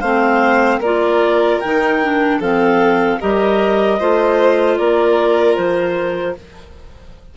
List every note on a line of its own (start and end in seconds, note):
0.00 0.79 A3
0.00 0.83 C4
0.00 0.79 C5
0.00 0.79 F5
0.79 1.58 A#3
0.79 1.63 F4
0.79 2.38 A#4
0.79 1.60 D5
1.60 2.40 D#3
1.60 2.02 D#4
1.60 2.39 G5
2.02 2.42 D4
2.39 3.19 F3
2.39 3.20 C4
2.39 3.18 A4
2.39 3.21 F5
3.20 4.00 G3
3.20 3.99 G4
3.20 3.99 A#4
3.20 4.77 D#5
3.99 4.79 A3
3.99 6.37 F4
3.99 4.78 C5
4.77 5.57 A#3
4.77 6.36 A#4
4.77 5.55 D5
5.55 6.36 F3
5.55 6.34 C5